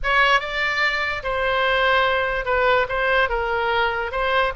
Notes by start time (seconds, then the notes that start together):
0.03 C#5
0.40 D5
1.23 C5
2.45 B4
2.89 C5
3.29 A#4
4.11 C5